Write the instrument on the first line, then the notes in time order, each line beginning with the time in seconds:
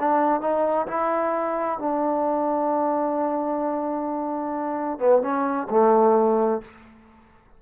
trombone
0.00 D4
0.41 D#4
0.87 E4
1.79 D4
4.99 B3
5.22 C#4
5.70 A3